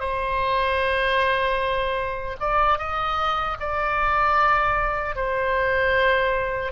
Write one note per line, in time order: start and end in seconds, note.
0.00 2.37 C5
2.40 2.78 D5
2.78 3.57 D#5
3.60 5.15 D5
5.15 6.72 C5